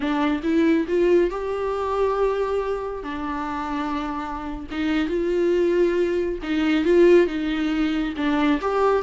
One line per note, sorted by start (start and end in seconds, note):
0.00 0.41 D4
0.43 0.86 E4
0.88 1.30 F4
1.30 3.03 G4
3.03 4.66 D4
4.71 5.08 D#4
5.08 6.38 F4
6.42 6.84 D#4
6.84 7.26 F4
7.26 8.13 D#4
8.16 8.60 D4
8.61 9.02 G4